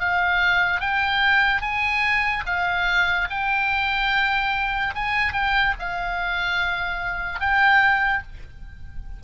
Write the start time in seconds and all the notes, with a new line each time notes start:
0.00 F5
0.81 G5
1.61 G#5
2.46 F5
3.30 G5
4.95 G#5
5.33 G5
5.79 F5
7.40 G5